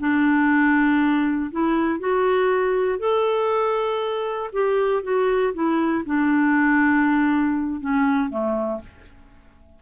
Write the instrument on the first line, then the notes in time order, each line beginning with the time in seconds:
clarinet
0.00 D4
1.52 E4
2.00 F#4
3.00 A4
4.53 G4
5.03 F#4
5.54 E4
6.06 D4
7.81 C#4
8.30 A3